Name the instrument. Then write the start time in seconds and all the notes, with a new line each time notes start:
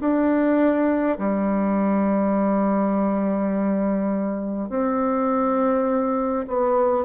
bassoon
0.00 D4
1.18 G3
4.69 C4
6.47 B3